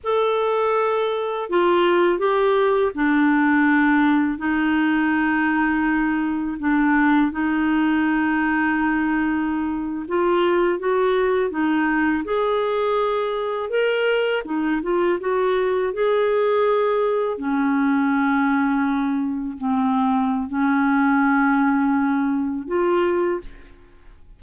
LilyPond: \new Staff \with { instrumentName = "clarinet" } { \time 4/4 \tempo 4 = 82 a'2 f'4 g'4 | d'2 dis'2~ | dis'4 d'4 dis'2~ | dis'4.~ dis'16 f'4 fis'4 dis'16~ |
dis'8. gis'2 ais'4 dis'16~ | dis'16 f'8 fis'4 gis'2 cis'16~ | cis'2~ cis'8. c'4~ c'16 | cis'2. f'4 | }